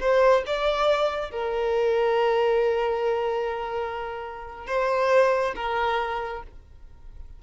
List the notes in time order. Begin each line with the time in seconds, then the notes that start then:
0.00 C5
0.46 D5
1.31 A#4
4.67 C5
5.56 A#4